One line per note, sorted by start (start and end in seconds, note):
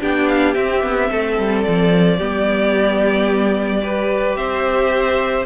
0.00 0.55 B3
0.00 0.55 D4
0.00 1.09 G4
0.00 0.27 G5
0.27 0.54 F5
0.54 2.18 C4
0.54 0.83 C4
0.54 1.63 E5
0.83 1.10 B3
1.10 1.38 A3
1.10 2.17 A4
1.38 1.65 G3
1.63 2.19 F3
1.63 4.35 D5
2.17 4.35 G3
2.17 3.81 B3
2.17 3.81 G4
3.81 5.44 G4
3.81 4.37 B4
4.35 5.44 C4
4.35 5.45 C5
4.35 5.45 E5